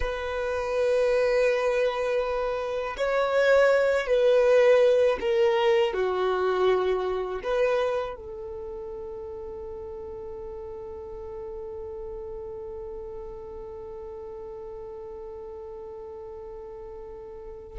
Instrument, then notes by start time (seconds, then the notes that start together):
violin
0.00 B4
2.97 C#5
4.06 B4
5.20 A#4
5.93 F#4
7.43 B4
8.16 A4